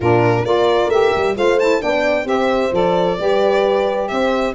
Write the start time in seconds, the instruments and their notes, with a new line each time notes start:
0.00 tuba A#2, saxophone D4, horn F4, violin A#4
0.45 tuba A#3, saxophone F4, horn A#4, violin D5
0.88 tuba A3, saxophone G4, violin E5
1.15 tuba G3
1.35 tuba A3, saxophone F4, horn C5, violin F5
1.59 saxophone E4, violin A5
1.81 tuba B3, saxophone D4, horn D5, violin G5
2.24 tuba C4, saxophone G4, horn C5, violin E5
2.71 tuba F3, saxophone A4, violin D5
3.18 tuba G3, saxophone G4, horn B4
4.07 tuba C4, horn C5, violin E5